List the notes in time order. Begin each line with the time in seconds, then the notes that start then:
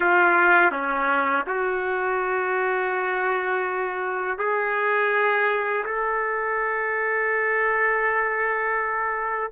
0.00 F4
0.72 C#4
1.46 F#4
4.38 G#4
5.85 A4